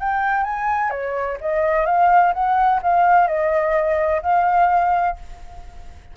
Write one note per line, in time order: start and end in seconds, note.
0.00 0.44 G5
0.44 0.90 G#5
0.90 1.37 C#5
1.41 1.86 D#5
1.86 2.33 F5
2.33 2.81 F#5
2.82 3.27 F5
3.27 4.22 D#5
4.22 5.17 F5